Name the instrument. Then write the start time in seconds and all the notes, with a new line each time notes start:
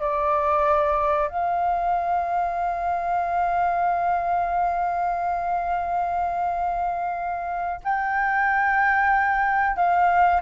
flute
0.00 D5
1.28 F5
7.84 G5
9.76 F5